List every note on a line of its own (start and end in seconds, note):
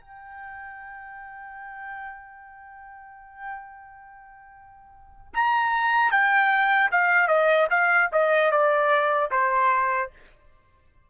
0.00 5.33 G5
5.34 6.11 A#5
6.11 6.90 G5
6.91 7.27 F5
7.27 7.67 D#5
7.70 8.09 F5
8.12 8.51 D#5
8.51 9.30 D5
9.31 10.09 C5